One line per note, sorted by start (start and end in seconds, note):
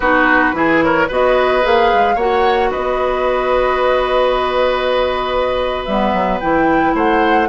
0.00 0.52 B3
0.00 0.54 D#4
0.00 0.55 F#4
0.00 0.81 B4
0.53 1.07 E3
0.53 1.08 E4
0.53 0.84 G#4
0.81 1.08 A#4
0.81 1.09 C#5
1.08 1.64 B3
1.08 1.61 F#4
1.08 2.15 B4
1.08 1.66 D#5
1.61 1.92 A#3
1.61 2.16 G#4
1.61 2.18 F5
1.93 2.16 G#3
2.15 2.70 A#3
2.15 5.87 F#4
2.15 2.69 C#5
2.15 2.71 F#5
2.70 5.87 B3
2.70 6.93 B4
2.70 5.84 D#5
5.84 6.13 G3
5.84 6.41 B3
5.84 6.39 E5
6.13 6.40 F#3
6.40 6.94 E3
6.40 7.48 E4
6.40 6.94 G5
6.94 7.48 A3
6.94 7.48 C5
6.94 7.48 F#5